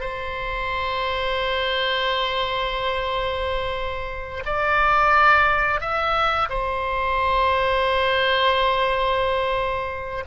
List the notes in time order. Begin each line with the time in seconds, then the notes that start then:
0.00 C5
4.45 D5
5.80 E5
6.49 C5